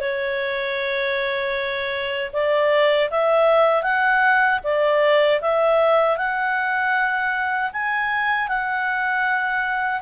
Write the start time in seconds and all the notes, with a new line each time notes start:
0.00 C#5
2.32 D5
3.10 E5
3.83 F#5
4.63 D5
5.41 E5
6.17 F#5
7.73 G#5
8.48 F#5